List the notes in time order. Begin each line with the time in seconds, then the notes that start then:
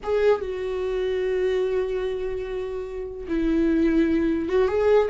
0.03 G#4
0.41 F#4
3.28 E4
4.48 F#4
4.67 G#4